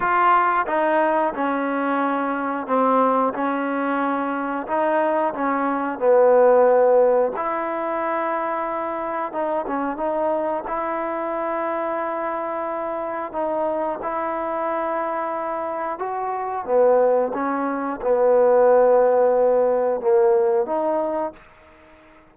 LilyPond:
\new Staff \with { instrumentName = "trombone" } { \time 4/4 \tempo 4 = 90 f'4 dis'4 cis'2 | c'4 cis'2 dis'4 | cis'4 b2 e'4~ | e'2 dis'8 cis'8 dis'4 |
e'1 | dis'4 e'2. | fis'4 b4 cis'4 b4~ | b2 ais4 dis'4 | }